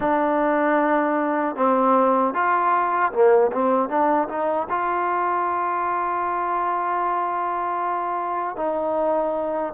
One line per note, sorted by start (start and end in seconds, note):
0.00 1.55 D4
1.56 2.34 C4
2.34 3.12 F4
3.12 3.51 A#3
3.51 3.89 C4
3.89 4.28 D4
4.28 4.67 D#4
4.69 8.56 F4
8.56 9.73 D#4